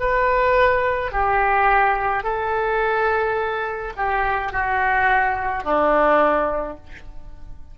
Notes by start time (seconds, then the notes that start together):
0.00 B4
1.12 G4
2.23 A4
3.97 G4
4.52 F#4
5.64 D4